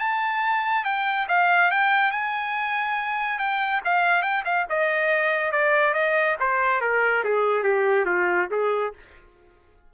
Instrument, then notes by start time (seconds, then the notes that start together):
trumpet
0.00 A5
0.85 G5
1.29 F5
1.72 G5
2.12 G#5
3.39 G5
3.85 F5
4.23 G5
4.45 F5
4.70 D#5
5.52 D5
5.94 D#5
6.40 C5
6.82 A#4
7.25 G#4
7.64 G4
8.06 F4
8.51 G#4